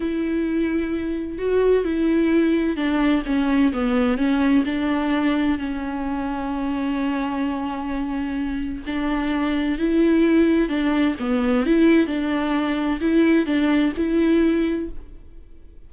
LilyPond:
\new Staff \with { instrumentName = "viola" } { \time 4/4 \tempo 4 = 129 e'2. fis'4 | e'2 d'4 cis'4 | b4 cis'4 d'2 | cis'1~ |
cis'2. d'4~ | d'4 e'2 d'4 | b4 e'4 d'2 | e'4 d'4 e'2 | }